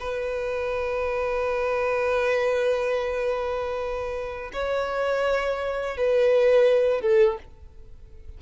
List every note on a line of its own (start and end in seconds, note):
0.00 4.52 B4
4.52 5.97 C#5
5.97 7.02 B4
7.02 7.38 A4